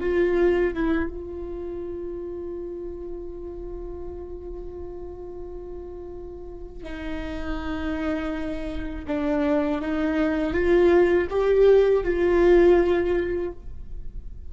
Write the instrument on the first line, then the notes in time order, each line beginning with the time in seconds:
viola
0.00 F4
0.74 E4
1.10 F4
6.84 D#4
9.07 D4
9.81 D#4
10.54 F4
11.30 G4
12.04 F4